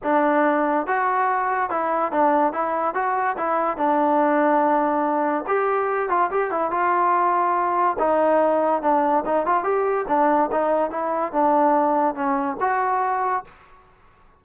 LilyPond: \new Staff \with { instrumentName = "trombone" } { \time 4/4 \tempo 4 = 143 d'2 fis'2 | e'4 d'4 e'4 fis'4 | e'4 d'2.~ | d'4 g'4. f'8 g'8 e'8 |
f'2. dis'4~ | dis'4 d'4 dis'8 f'8 g'4 | d'4 dis'4 e'4 d'4~ | d'4 cis'4 fis'2 | }